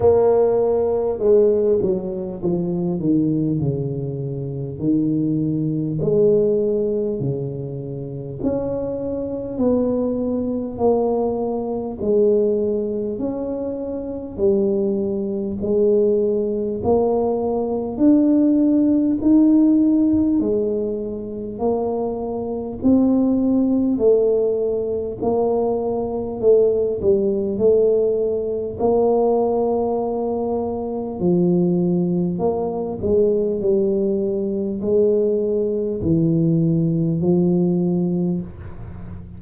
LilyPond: \new Staff \with { instrumentName = "tuba" } { \time 4/4 \tempo 4 = 50 ais4 gis8 fis8 f8 dis8 cis4 | dis4 gis4 cis4 cis'4 | b4 ais4 gis4 cis'4 | g4 gis4 ais4 d'4 |
dis'4 gis4 ais4 c'4 | a4 ais4 a8 g8 a4 | ais2 f4 ais8 gis8 | g4 gis4 e4 f4 | }